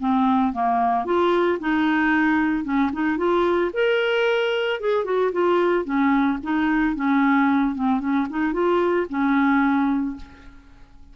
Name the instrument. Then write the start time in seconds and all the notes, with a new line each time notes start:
clarinet
0.00 C4
0.53 A#3
1.05 F4
1.60 D#4
2.64 C#4
2.92 D#4
3.18 F4
3.74 A#4
4.80 G#4
5.05 F#4
5.32 F4
5.85 C#4
6.43 D#4
6.95 C#4
7.75 C4
8.00 C#4
8.30 D#4
8.53 F4
9.09 C#4